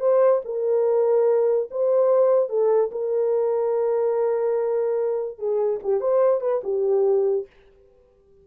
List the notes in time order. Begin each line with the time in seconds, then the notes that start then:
0.00 C5
0.45 A#4
1.71 C5
2.49 A4
2.92 A#4
5.38 G#4
5.83 G4
6.01 C5
6.41 B4
6.64 G4